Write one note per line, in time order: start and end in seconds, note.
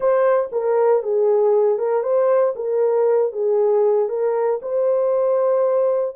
0.00 0.50 C5
0.52 1.03 A#4
1.03 1.78 G#4
1.78 2.02 A#4
2.02 2.54 C5
2.55 3.32 A#4
3.32 4.08 G#4
4.08 4.60 A#4
4.62 6.16 C5